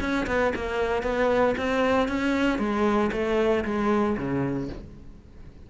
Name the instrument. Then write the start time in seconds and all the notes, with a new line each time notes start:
cello
0.00 C#4
0.27 B3
0.55 A#3
1.02 B3
1.57 C4
2.08 C#4
2.58 G#3
3.12 A3
3.65 G#3
4.17 C#3